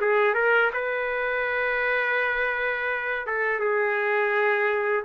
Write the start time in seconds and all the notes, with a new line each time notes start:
0.00 G#4
0.34 A#4
0.73 B4
3.26 A4
3.59 G#4